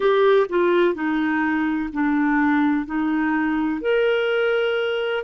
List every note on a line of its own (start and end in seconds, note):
0.00 0.46 G4
0.48 0.94 F4
0.94 1.89 D#4
1.93 2.86 D4
2.86 3.81 D#4
3.81 5.23 A#4